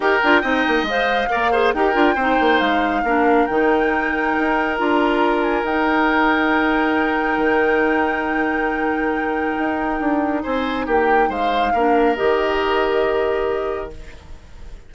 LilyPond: <<
  \new Staff \with { instrumentName = "flute" } { \time 4/4 \tempo 4 = 138 g''2 f''2 | g''2 f''2 | g''2. ais''4~ | ais''8 gis''8 g''2.~ |
g''1~ | g''1 | gis''4 g''4 f''2 | dis''1 | }
  \new Staff \with { instrumentName = "oboe" } { \time 4/4 ais'4 dis''2 d''8 c''8 | ais'4 c''2 ais'4~ | ais'1~ | ais'1~ |
ais'1~ | ais'1 | c''4 g'4 c''4 ais'4~ | ais'1 | }
  \new Staff \with { instrumentName = "clarinet" } { \time 4/4 g'8 f'8 dis'4 c''4 ais'8 gis'8 | g'8 f'8 dis'2 d'4 | dis'2. f'4~ | f'4 dis'2.~ |
dis'1~ | dis'1~ | dis'2. d'4 | g'1 | }
  \new Staff \with { instrumentName = "bassoon" } { \time 4/4 dis'8 d'8 c'8 ais8 gis4 ais4 | dis'8 d'8 c'8 ais8 gis4 ais4 | dis2 dis'4 d'4~ | d'4 dis'2.~ |
dis'4 dis2.~ | dis2 dis'4 d'4 | c'4 ais4 gis4 ais4 | dis1 | }
>>